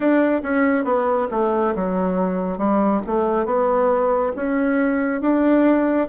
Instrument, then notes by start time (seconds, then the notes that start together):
bassoon
0.00 D4
0.42 C#4
0.84 B3
1.30 A3
1.75 F#3
2.57 G3
3.06 A3
3.45 B3
4.36 C#4
5.21 D4